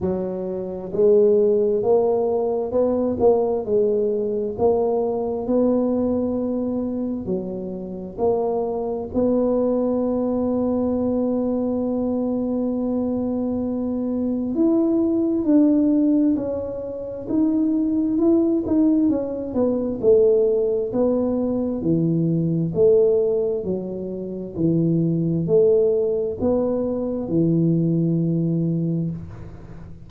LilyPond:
\new Staff \with { instrumentName = "tuba" } { \time 4/4 \tempo 4 = 66 fis4 gis4 ais4 b8 ais8 | gis4 ais4 b2 | fis4 ais4 b2~ | b1 |
e'4 d'4 cis'4 dis'4 | e'8 dis'8 cis'8 b8 a4 b4 | e4 a4 fis4 e4 | a4 b4 e2 | }